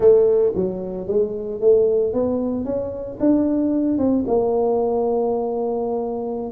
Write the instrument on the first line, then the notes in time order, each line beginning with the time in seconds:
tuba
0.00 A3
0.55 F#3
1.07 G#3
1.60 A3
2.13 B3
2.64 C#4
3.20 D4
3.98 C4
4.27 A#3